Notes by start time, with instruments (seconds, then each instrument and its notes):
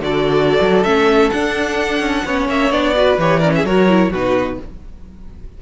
0.00 cello D3, viola F#4, violin A4 D5
0.61 cello F#3
0.83 cello A3, viola C#4, violin E5
1.30 viola D4, cello D4, violin F#5
2.00 cello C#4
2.25 cello B3, viola C#4, violin C#5
2.48 cello A#3, violin E5
2.70 cello B3, viola D4, violin D5
2.95 viola F#4, violin B4
3.18 cello E3, viola G4, violin C#5
3.39 viola C#4, violin A#4 D5
3.54 violin G#4 E5
3.63 cello F#3, viola F#4, violin A#4 C#5
3.88 viola E4
4.11 cello B2, viola D#4, violin F#4 B4